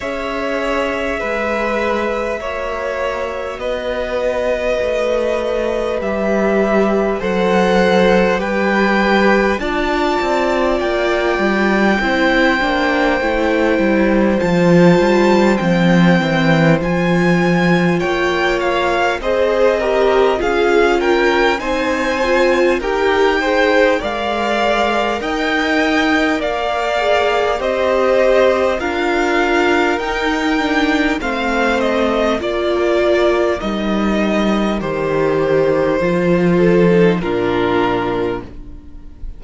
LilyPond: <<
  \new Staff \with { instrumentName = "violin" } { \time 4/4 \tempo 4 = 50 e''2. dis''4~ | dis''4 e''4 fis''4 g''4 | a''4 g''2. | a''4 g''4 gis''4 g''8 f''8 |
dis''4 f''8 g''8 gis''4 g''4 | f''4 g''4 f''4 dis''4 | f''4 g''4 f''8 dis''8 d''4 | dis''4 c''2 ais'4 | }
  \new Staff \with { instrumentName = "violin" } { \time 4/4 cis''4 b'4 cis''4 b'4~ | b'2 c''4 b'4 | d''2 c''2~ | c''2. cis''4 |
c''8 ais'8 gis'8 ais'8 c''4 ais'8 c''8 | d''4 dis''4 d''4 c''4 | ais'2 c''4 ais'4~ | ais'2~ ais'8 a'8 f'4 | }
  \new Staff \with { instrumentName = "viola" } { \time 4/4 gis'2 fis'2~ | fis'4 g'4 a'4 g'4 | f'2 e'8 d'8 e'4 | f'4 c'4 f'2 |
gis'8 g'8 f'4 dis'8 f'8 g'8 gis'8 | ais'2~ ais'8 gis'8 g'4 | f'4 dis'8 d'8 c'4 f'4 | dis'4 g'4 f'8. dis'16 d'4 | }
  \new Staff \with { instrumentName = "cello" } { \time 4/4 cis'4 gis4 ais4 b4 | a4 g4 fis4 g4 | d'8 c'8 ais8 g8 c'8 ais8 a8 g8 | f8 g8 f8 e8 f4 ais4 |
c'4 cis'4 c'4 dis'4 | gis4 dis'4 ais4 c'4 | d'4 dis'4 a4 ais4 | g4 dis4 f4 ais,4 | }
>>